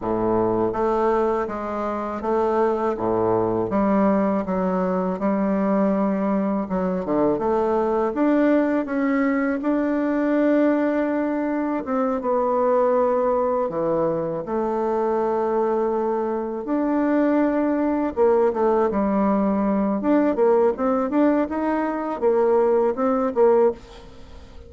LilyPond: \new Staff \with { instrumentName = "bassoon" } { \time 4/4 \tempo 4 = 81 a,4 a4 gis4 a4 | a,4 g4 fis4 g4~ | g4 fis8 d8 a4 d'4 | cis'4 d'2. |
c'8 b2 e4 a8~ | a2~ a8 d'4.~ | d'8 ais8 a8 g4. d'8 ais8 | c'8 d'8 dis'4 ais4 c'8 ais8 | }